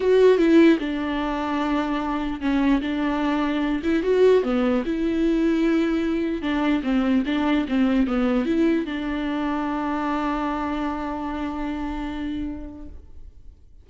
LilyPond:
\new Staff \with { instrumentName = "viola" } { \time 4/4 \tempo 4 = 149 fis'4 e'4 d'2~ | d'2 cis'4 d'4~ | d'4. e'8 fis'4 b4 | e'1 |
d'4 c'4 d'4 c'4 | b4 e'4 d'2~ | d'1~ | d'1 | }